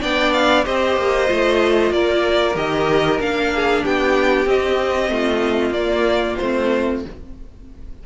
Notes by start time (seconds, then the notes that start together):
0.00 B3 D4 D5 G5
0.33 F5
0.64 C4 G4 C5 D#5
0.97 A#3
1.26 A3 F4
1.91 A#3 A#4 D5
2.55 D#3 G4 D#5
3.19 A#3 D4 F5
3.55 G#4
3.83 B3 G4 G5
4.46 C4 D#5
5.09 A3 F4
5.70 A#3 D5
6.37 A3 C4 C5